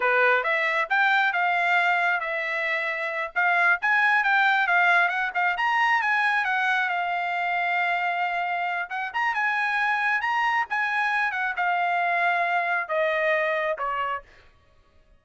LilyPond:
\new Staff \with { instrumentName = "trumpet" } { \time 4/4 \tempo 4 = 135 b'4 e''4 g''4 f''4~ | f''4 e''2~ e''8 f''8~ | f''8 gis''4 g''4 f''4 fis''8 | f''8 ais''4 gis''4 fis''4 f''8~ |
f''1 | fis''8 ais''8 gis''2 ais''4 | gis''4. fis''8 f''2~ | f''4 dis''2 cis''4 | }